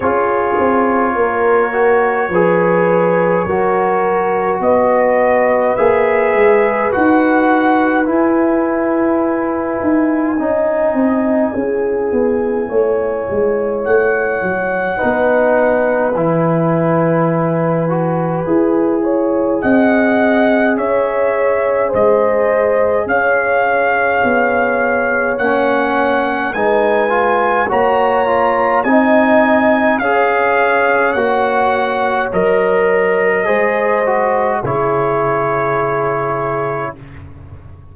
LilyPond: <<
  \new Staff \with { instrumentName = "trumpet" } { \time 4/4 \tempo 4 = 52 cis''1 | dis''4 e''4 fis''4 gis''4~ | gis''1 | fis''2 gis''2~ |
gis''4 fis''4 e''4 dis''4 | f''2 fis''4 gis''4 | ais''4 gis''4 f''4 fis''4 | dis''2 cis''2 | }
  \new Staff \with { instrumentName = "horn" } { \time 4/4 gis'4 ais'4 b'4 ais'4 | b'1~ | b'4 dis''4 gis'4 cis''4~ | cis''4 b'2.~ |
b'8 cis''8 dis''4 cis''4 c''4 | cis''2. b'4 | cis''4 dis''4 cis''2~ | cis''4 c''4 gis'2 | }
  \new Staff \with { instrumentName = "trombone" } { \time 4/4 f'4. fis'8 gis'4 fis'4~ | fis'4 gis'4 fis'4 e'4~ | e'4 dis'4 e'2~ | e'4 dis'4 e'4. fis'8 |
gis'1~ | gis'2 cis'4 dis'8 f'8 | fis'8 f'8 dis'4 gis'4 fis'4 | ais'4 gis'8 fis'8 e'2 | }
  \new Staff \with { instrumentName = "tuba" } { \time 4/4 cis'8 c'8 ais4 f4 fis4 | b4 ais8 gis8 dis'4 e'4~ | e'8 dis'8 cis'8 c'8 cis'8 b8 a8 gis8 | a8 fis8 b4 e2 |
e'4 c'4 cis'4 gis4 | cis'4 b4 ais4 gis4 | ais4 c'4 cis'4 ais4 | fis4 gis4 cis2 | }
>>